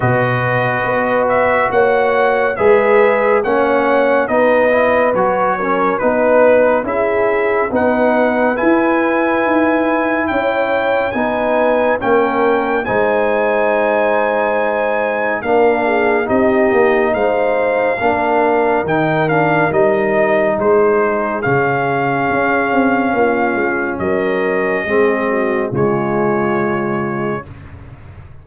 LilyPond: <<
  \new Staff \with { instrumentName = "trumpet" } { \time 4/4 \tempo 4 = 70 dis''4. e''8 fis''4 e''4 | fis''4 dis''4 cis''4 b'4 | e''4 fis''4 gis''2 | g''4 gis''4 g''4 gis''4~ |
gis''2 f''4 dis''4 | f''2 g''8 f''8 dis''4 | c''4 f''2. | dis''2 cis''2 | }
  \new Staff \with { instrumentName = "horn" } { \time 4/4 b'2 cis''4 b'4 | cis''4 b'4. ais'8 b'4 | gis'4 b'2. | cis''4 b'4 ais'4 c''4~ |
c''2 ais'8 gis'8 g'4 | c''4 ais'2. | gis'2. f'4 | ais'4 gis'8 fis'8 f'2 | }
  \new Staff \with { instrumentName = "trombone" } { \time 4/4 fis'2. gis'4 | cis'4 dis'8 e'8 fis'8 cis'8 dis'4 | e'4 dis'4 e'2~ | e'4 dis'4 cis'4 dis'4~ |
dis'2 d'4 dis'4~ | dis'4 d'4 dis'8 d'8 dis'4~ | dis'4 cis'2.~ | cis'4 c'4 gis2 | }
  \new Staff \with { instrumentName = "tuba" } { \time 4/4 b,4 b4 ais4 gis4 | ais4 b4 fis4 b4 | cis'4 b4 e'4 dis'4 | cis'4 b4 ais4 gis4~ |
gis2 ais4 c'8 ais8 | gis4 ais4 dis4 g4 | gis4 cis4 cis'8 c'8 ais8 gis8 | fis4 gis4 cis2 | }
>>